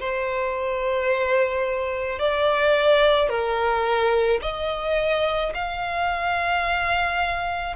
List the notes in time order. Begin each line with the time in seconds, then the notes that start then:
0.00 C5
2.20 D5
3.29 A#4
4.42 D#5
5.55 F5